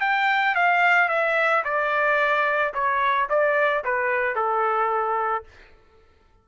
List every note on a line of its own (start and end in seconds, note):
0.00 0.55 G5
0.55 1.08 F5
1.08 1.63 E5
1.64 2.73 D5
2.73 3.28 C#5
3.29 3.84 D5
3.84 4.35 B4
4.35 5.44 A4